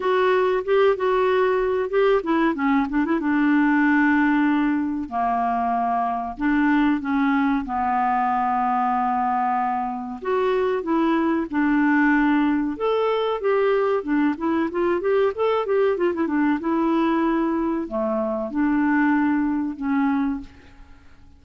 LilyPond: \new Staff \with { instrumentName = "clarinet" } { \time 4/4 \tempo 4 = 94 fis'4 g'8 fis'4. g'8 e'8 | cis'8 d'16 e'16 d'2. | ais2 d'4 cis'4 | b1 |
fis'4 e'4 d'2 | a'4 g'4 d'8 e'8 f'8 g'8 | a'8 g'8 f'16 e'16 d'8 e'2 | a4 d'2 cis'4 | }